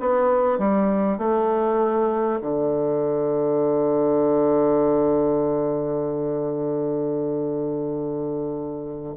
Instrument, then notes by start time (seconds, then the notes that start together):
bassoon
0.00 B3
0.58 G3
1.18 A3
2.41 D3